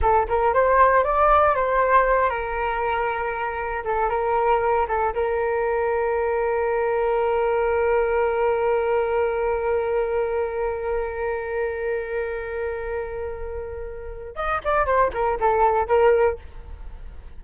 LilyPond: \new Staff \with { instrumentName = "flute" } { \time 4/4 \tempo 4 = 117 a'8 ais'8 c''4 d''4 c''4~ | c''8 ais'2. a'8 | ais'4. a'8 ais'2~ | ais'1~ |
ais'1~ | ais'1~ | ais'1 | dis''8 d''8 c''8 ais'8 a'4 ais'4 | }